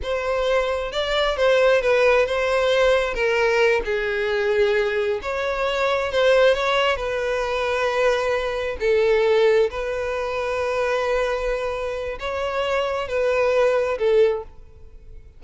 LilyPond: \new Staff \with { instrumentName = "violin" } { \time 4/4 \tempo 4 = 133 c''2 d''4 c''4 | b'4 c''2 ais'4~ | ais'8 gis'2. cis''8~ | cis''4. c''4 cis''4 b'8~ |
b'2.~ b'8 a'8~ | a'4. b'2~ b'8~ | b'2. cis''4~ | cis''4 b'2 a'4 | }